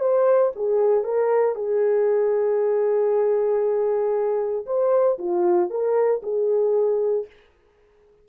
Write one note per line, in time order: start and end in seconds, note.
0.00 0.52 C5
0.55 1.04 G#4
1.04 1.55 A#4
1.55 4.66 G#4
4.66 5.18 C5
5.18 5.70 F4
5.70 6.22 A#4
6.23 7.26 G#4